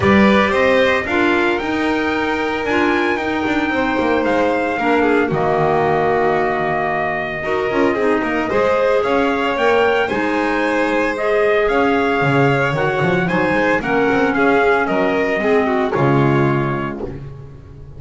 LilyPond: <<
  \new Staff \with { instrumentName = "trumpet" } { \time 4/4 \tempo 4 = 113 d''4 dis''4 f''4 g''4~ | g''4 gis''4 g''2 | f''2 dis''2~ | dis''1~ |
dis''4 f''4 g''4 gis''4~ | gis''4 dis''4 f''2 | fis''4 gis''4 fis''4 f''4 | dis''2 cis''2 | }
  \new Staff \with { instrumentName = "violin" } { \time 4/4 b'4 c''4 ais'2~ | ais'2. c''4~ | c''4 ais'8 gis'8 fis'2~ | fis'2 ais'4 gis'8 ais'8 |
c''4 cis''2 c''4~ | c''2 cis''2~ | cis''4 c''4 ais'4 gis'4 | ais'4 gis'8 fis'8 f'2 | }
  \new Staff \with { instrumentName = "clarinet" } { \time 4/4 g'2 f'4 dis'4~ | dis'4 f'4 dis'2~ | dis'4 d'4 ais2~ | ais2 fis'8 f'8 dis'4 |
gis'2 ais'4 dis'4~ | dis'4 gis'2. | fis'4 dis'4 cis'2~ | cis'4 c'4 gis2 | }
  \new Staff \with { instrumentName = "double bass" } { \time 4/4 g4 c'4 d'4 dis'4~ | dis'4 d'4 dis'8 d'8 c'8 ais8 | gis4 ais4 dis2~ | dis2 dis'8 cis'8 c'8 ais8 |
gis4 cis'4 ais4 gis4~ | gis2 cis'4 cis4 | dis8 f8 fis8 gis8 ais8 c'8 cis'4 | fis4 gis4 cis2 | }
>>